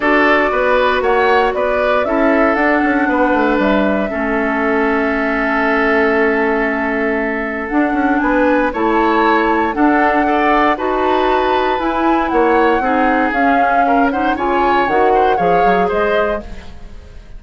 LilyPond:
<<
  \new Staff \with { instrumentName = "flute" } { \time 4/4 \tempo 4 = 117 d''2 fis''4 d''4 | e''4 fis''2 e''4~ | e''1~ | e''2. fis''4 |
gis''4 a''2 fis''4~ | fis''4 a''2 gis''4 | fis''2 f''4. fis''8 | gis''4 fis''4 f''4 dis''4 | }
  \new Staff \with { instrumentName = "oboe" } { \time 4/4 a'4 b'4 cis''4 b'4 | a'2 b'2 | a'1~ | a'1 |
b'4 cis''2 a'4 | d''4 b'2. | cis''4 gis'2 ais'8 c''8 | cis''4. c''8 cis''4 c''4 | }
  \new Staff \with { instrumentName = "clarinet" } { \time 4/4 fis'1 | e'4 d'2. | cis'1~ | cis'2. d'4~ |
d'4 e'2 d'4 | a'4 fis'2 e'4~ | e'4 dis'4 cis'4. dis'8 | f'4 fis'4 gis'2 | }
  \new Staff \with { instrumentName = "bassoon" } { \time 4/4 d'4 b4 ais4 b4 | cis'4 d'8 cis'8 b8 a8 g4 | a1~ | a2. d'8 cis'8 |
b4 a2 d'4~ | d'4 dis'2 e'4 | ais4 c'4 cis'2 | cis4 dis4 f8 fis8 gis4 | }
>>